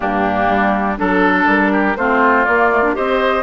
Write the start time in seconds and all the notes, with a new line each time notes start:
0.00 G2 A#3 D4 G4
0.48 G3
0.97 F#3 D4 A4
1.46 G3 A#4
1.72 G4
1.96 A3 C4 F4 C5
2.44 A#3 D5
2.71 A3
2.82 D4
2.94 C4 G4 C5 D#5